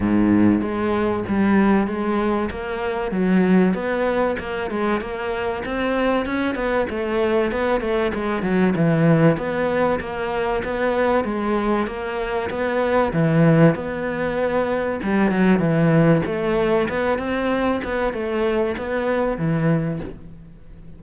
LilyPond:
\new Staff \with { instrumentName = "cello" } { \time 4/4 \tempo 4 = 96 gis,4 gis4 g4 gis4 | ais4 fis4 b4 ais8 gis8 | ais4 c'4 cis'8 b8 a4 | b8 a8 gis8 fis8 e4 b4 |
ais4 b4 gis4 ais4 | b4 e4 b2 | g8 fis8 e4 a4 b8 c'8~ | c'8 b8 a4 b4 e4 | }